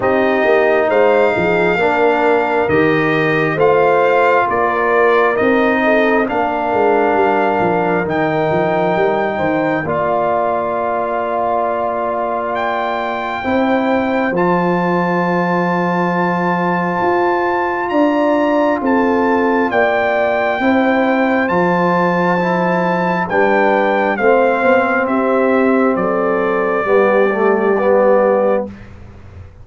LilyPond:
<<
  \new Staff \with { instrumentName = "trumpet" } { \time 4/4 \tempo 4 = 67 dis''4 f''2 dis''4 | f''4 d''4 dis''4 f''4~ | f''4 g''2 f''4~ | f''2 g''2 |
a''1 | ais''4 a''4 g''2 | a''2 g''4 f''4 | e''4 d''2. | }
  \new Staff \with { instrumentName = "horn" } { \time 4/4 g'4 c''8 gis'8 ais'2 | c''4 ais'4. a'8 ais'4~ | ais'2~ ais'8 c''8 d''4~ | d''2. c''4~ |
c''1 | d''4 a'4 d''4 c''4~ | c''2 b'4 c''4 | g'4 a'4 g'2 | }
  \new Staff \with { instrumentName = "trombone" } { \time 4/4 dis'2 d'4 g'4 | f'2 dis'4 d'4~ | d'4 dis'2 f'4~ | f'2. e'4 |
f'1~ | f'2. e'4 | f'4 e'4 d'4 c'4~ | c'2 b8 a8 b4 | }
  \new Staff \with { instrumentName = "tuba" } { \time 4/4 c'8 ais8 gis8 f8 ais4 dis4 | a4 ais4 c'4 ais8 gis8 | g8 f8 dis8 f8 g8 dis8 ais4~ | ais2. c'4 |
f2. f'4 | d'4 c'4 ais4 c'4 | f2 g4 a8 b8 | c'4 fis4 g2 | }
>>